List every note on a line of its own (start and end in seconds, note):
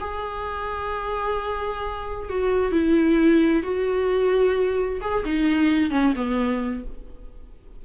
0.00 2.29 G#4
2.29 2.71 F#4
2.71 3.63 E4
3.63 5.00 F#4
5.01 5.24 G#4
5.24 5.90 D#4
5.90 6.13 C#4
6.15 6.83 B3